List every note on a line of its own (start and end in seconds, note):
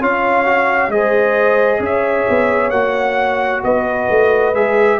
0.00 0.89 C#4
0.00 0.46 F4
0.00 0.91 C#5
0.00 0.91 F5
0.46 0.91 F#4
0.89 1.80 G#3
0.89 2.73 G#4
0.89 1.80 C5
0.89 1.82 D#5
1.80 2.25 C#4
1.80 3.62 C#5
1.80 2.71 E5
2.29 2.71 B3
2.71 3.62 A#3
2.71 4.55 F#4
2.71 3.62 F#5
3.64 4.09 B3
3.64 5.00 B4
3.64 4.55 D#5
4.10 4.55 A3
4.55 5.00 G#3
4.55 5.00 G#4
4.55 5.00 E5